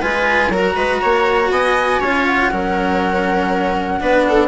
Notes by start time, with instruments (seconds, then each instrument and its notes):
0.00 bassoon G#3, cello F4, viola B4, flute G#5
0.49 bassoon F#3, cello F#4, viola A#4, flute A#5
0.76 bassoon G#3, viola B4
1.02 bassoon A#3, viola C#5
1.50 bassoon B3, viola D#5, flute G#5
2.00 bassoon C#4, cello F4, viola C#5
2.26 flute F#5
2.51 bassoon F#3, cello C#4, viola A#4
4.01 bassoon B3, cello D4, viola B4
4.29 viola A4